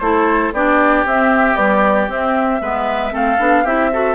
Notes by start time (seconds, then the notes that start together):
0.00 A3 E4 A4 C5
0.53 B3 D4 G4 D5
1.05 C4 E5
1.55 G3 B3 D5
2.09 C4 E5
2.61 G#3 B3 B4
3.11 A3 C4 A4 F5
3.39 B3 D4
3.64 C4 E4 G4 E5
3.93 F#4 A4